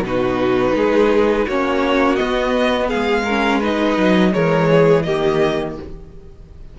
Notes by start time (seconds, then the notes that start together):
0.00 B2 D#4 B4
0.07 F#4
0.75 G#3 G#4
1.47 A#3 C#4 F#4 C#5
2.16 B3 D#5
2.87 G#3 G#4 F5
3.24 C#4 A#4
3.59 D#4 B4 D#5
3.98 F#3
4.32 E3 G#3 A#4 C#5
4.71 G#4
5.03 D#3 A#3 G4 D#5